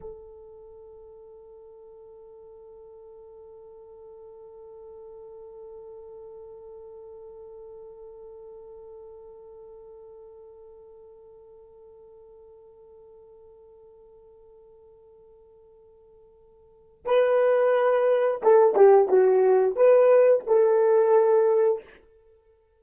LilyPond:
\new Staff \with { instrumentName = "horn" } { \time 4/4 \tempo 4 = 88 a'1~ | a'1~ | a'1~ | a'1~ |
a'1~ | a'1~ | a'4 b'2 a'8 g'8 | fis'4 b'4 a'2 | }